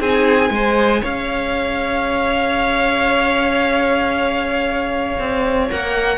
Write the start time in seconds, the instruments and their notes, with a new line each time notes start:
0.00 cello C4, viola D#4, violin G#4 G#5
0.50 cello G#3, viola G#4, violin C5
1.02 cello C#4, violin C#5 F5
5.19 cello C4
5.69 cello A#3, viola A#4, violin F#5